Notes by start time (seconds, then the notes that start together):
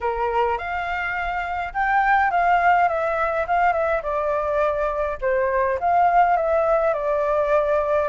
0.00 A#4
0.57 F5
1.73 G5
2.30 F5
2.88 E5
3.47 F5
3.72 E5
4.02 D5
5.21 C5
5.79 F5
6.36 E5
6.93 D5